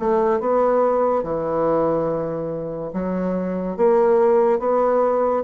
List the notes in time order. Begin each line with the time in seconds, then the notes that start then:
0.00 A3
0.41 B3
1.24 E3
2.93 F#3
3.77 A#3
4.60 B3